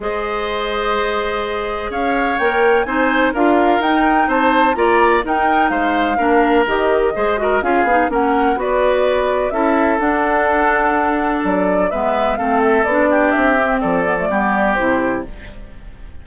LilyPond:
<<
  \new Staff \with { instrumentName = "flute" } { \time 4/4 \tempo 4 = 126 dis''1 | f''4 g''4 gis''4 f''4 | g''4 a''4 ais''4 g''4 | f''2 dis''2 |
f''4 fis''4 d''2 | e''4 fis''2. | d''4 e''4 f''8 e''8 d''4 | e''4 d''2 c''4 | }
  \new Staff \with { instrumentName = "oboe" } { \time 4/4 c''1 | cis''2 c''4 ais'4~ | ais'4 c''4 d''4 ais'4 | c''4 ais'2 c''8 ais'8 |
gis'4 ais'4 b'2 | a'1~ | a'4 b'4 a'4. g'8~ | g'4 a'4 g'2 | }
  \new Staff \with { instrumentName = "clarinet" } { \time 4/4 gis'1~ | gis'4 ais'4 dis'4 f'4 | dis'2 f'4 dis'4~ | dis'4 d'4 g'4 gis'8 fis'8 |
f'8 dis'8 cis'4 fis'2 | e'4 d'2.~ | d'4 b4 c'4 d'4~ | d'8 c'4 b16 a16 b4 e'4 | }
  \new Staff \with { instrumentName = "bassoon" } { \time 4/4 gis1 | cis'4 ais4 c'4 d'4 | dis'4 c'4 ais4 dis'4 | gis4 ais4 dis4 gis4 |
cis'8 b8 ais4 b2 | cis'4 d'2. | fis4 gis4 a4 b4 | c'4 f4 g4 c4 | }
>>